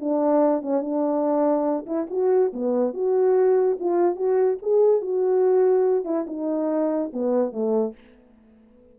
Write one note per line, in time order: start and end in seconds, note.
0.00 0.62 D4
0.62 0.81 C#4
0.81 1.86 D4
1.86 2.07 E4
2.10 2.52 F#4
2.53 2.94 B3
2.94 3.78 F#4
3.80 4.16 F4
4.16 4.58 F#4
4.62 5.01 G#4
5.01 6.05 F#4
6.05 6.26 E4
6.27 7.11 D#4
7.13 7.52 B3
7.52 7.94 A3